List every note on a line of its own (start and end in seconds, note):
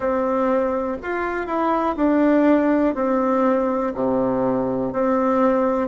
0.00 0.97 C4
1.02 1.46 F4
1.46 1.95 E4
1.96 2.94 D4
2.94 3.93 C4
3.94 4.92 C3
4.92 5.87 C4